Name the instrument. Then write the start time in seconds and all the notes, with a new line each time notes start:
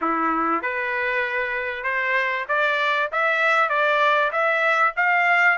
trumpet
0.01 E4
0.62 B4
1.83 C5
2.48 D5
3.12 E5
3.69 D5
4.32 E5
4.96 F5